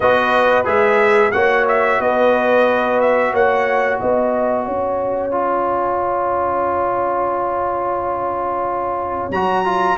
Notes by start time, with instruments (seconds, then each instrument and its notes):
0.00 tuba B3, trombone F#4, horn B4, trumpet D#5
0.64 tuba G#3, trombone G#4, trumpet E5
1.31 tuba A#3, trombone F#4, horn C#5, trumpet F#5
1.68 trumpet E5
1.99 tuba B3, horn B4, trumpet D#5
3.00 trumpet E5
3.32 tuba A#3, horn C#5, trumpet F#5
3.98 tuba B3, horn D#5, trumpet G#5
4.65 tuba C#4, horn C#5
5.31 trombone F4
9.30 tuba F#3, trombone F#4, trumpet A#5
9.65 trombone F4